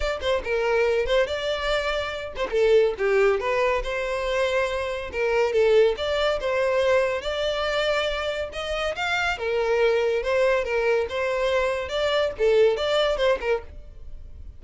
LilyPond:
\new Staff \with { instrumentName = "violin" } { \time 4/4 \tempo 4 = 141 d''8 c''8 ais'4. c''8 d''4~ | d''4. c''16 ais'16 a'4 g'4 | b'4 c''2. | ais'4 a'4 d''4 c''4~ |
c''4 d''2. | dis''4 f''4 ais'2 | c''4 ais'4 c''2 | d''4 a'4 d''4 c''8 ais'8 | }